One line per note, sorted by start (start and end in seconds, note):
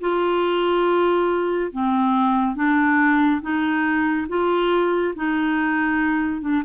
0.00 1.71 F4
1.72 2.55 C4
2.55 3.41 D4
3.41 4.27 D#4
4.28 5.14 F4
5.15 6.41 D#4
6.41 6.62 D4